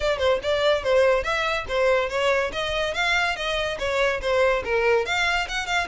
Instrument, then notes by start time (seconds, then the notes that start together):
violin
0.00 D5
0.18 C5
0.42 D5
0.83 C5
1.23 E5
1.68 C5
2.09 C#5
2.52 D#5
2.94 F5
3.35 D#5
3.78 C#5
4.21 C5
4.64 A#4
5.05 F5
5.48 F#5
5.66 F5